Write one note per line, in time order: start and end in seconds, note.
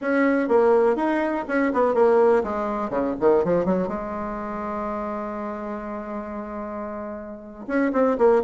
0.01 0.48 C#4
0.48 0.96 A#3
0.96 1.44 D#4
1.48 1.72 C#4
1.73 1.94 B3
1.94 2.43 A#3
2.43 2.90 G#3
2.90 3.14 C#3
3.20 3.44 D#3
3.44 3.65 F3
3.65 3.88 F#3
3.88 7.66 G#3
7.67 7.91 C#4
7.92 8.17 C4
8.18 8.42 A#3